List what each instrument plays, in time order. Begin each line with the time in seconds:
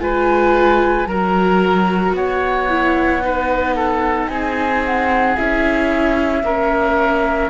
0.00 cello G#3, viola F4, oboe B4, flute G#5
1.07 cello F#3, viola F#4, oboe A#4, flute A#5
2.13 cello B3, oboe C#5, flute F#5
2.69 viola E4
3.22 viola D#4, oboe B4
3.76 oboe A4
4.28 cello C4, oboe G#4, flute G#5
4.85 flute F#5
5.37 cello C#4, viola E4, flute E5
6.44 cello A#3, viola C#4, oboe A#4